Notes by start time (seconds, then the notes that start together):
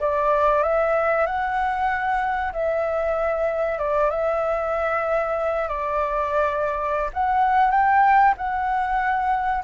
0.00 D5
0.63 E5
1.26 F#5
2.52 E5
3.78 D5
4.10 E5
5.68 D5
7.13 F#5
7.71 G5
8.37 F#5